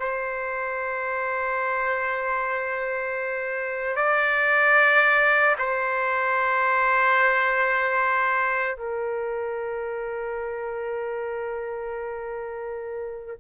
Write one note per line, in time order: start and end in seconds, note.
0.00 3.96 C5
3.96 5.56 D5
5.59 8.77 C5
8.77 13.37 A#4